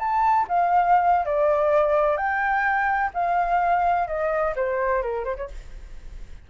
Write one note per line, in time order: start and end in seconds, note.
0.00 0.47 A5
0.48 1.26 F5
1.26 2.17 D5
2.17 3.11 G5
3.14 4.08 F5
4.08 4.54 D#5
4.56 5.03 C5
5.03 5.25 A#4
5.25 5.37 C5
5.37 5.48 C#5